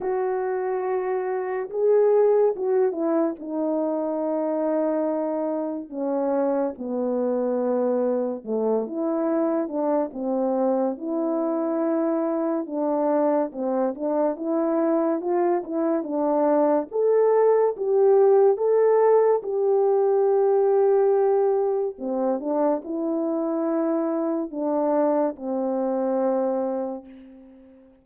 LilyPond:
\new Staff \with { instrumentName = "horn" } { \time 4/4 \tempo 4 = 71 fis'2 gis'4 fis'8 e'8 | dis'2. cis'4 | b2 a8 e'4 d'8 | c'4 e'2 d'4 |
c'8 d'8 e'4 f'8 e'8 d'4 | a'4 g'4 a'4 g'4~ | g'2 c'8 d'8 e'4~ | e'4 d'4 c'2 | }